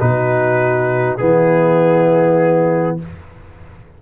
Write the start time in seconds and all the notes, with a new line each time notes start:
0.00 B2 D#4 F#4 B4
1.18 E3 B3 E4 G#4